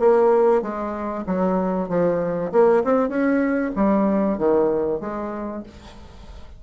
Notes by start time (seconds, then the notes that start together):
0.00 A#3
0.62 G#3
1.26 F#3
1.89 F3
2.52 A#3
2.84 C4
3.09 C#4
3.76 G3
4.38 D#3
5.01 G#3